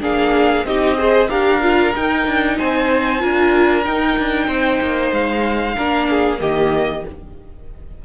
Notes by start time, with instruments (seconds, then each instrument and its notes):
0.00 cello A#3, viola D4, violin G#4 F5
0.64 cello C4, viola D#4, violin G4 D#5
0.98 viola G#4, violin C5
1.29 cello D4, viola G4, violin A#4 F5
1.61 viola F4
1.95 viola D#4, cello D#4, violin G5
2.26 cello D4
2.58 cello C4, violin C5 G#5
3.19 cello D4, viola F4, violin A#4
3.84 viola D#4, cello D#4, violin G5
4.18 cello D4
4.47 cello C4, violin C5
4.81 cello A#3
5.11 cello G#3, violin F5
5.76 cello A#3, viola D4, violin A#4
6.09 violin G#4
6.37 cello D#3, viola A#3, violin G4 D#5